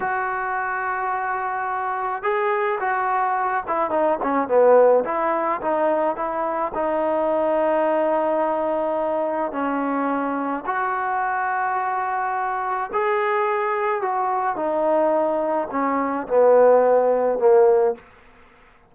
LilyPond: \new Staff \with { instrumentName = "trombone" } { \time 4/4 \tempo 4 = 107 fis'1 | gis'4 fis'4. e'8 dis'8 cis'8 | b4 e'4 dis'4 e'4 | dis'1~ |
dis'4 cis'2 fis'4~ | fis'2. gis'4~ | gis'4 fis'4 dis'2 | cis'4 b2 ais4 | }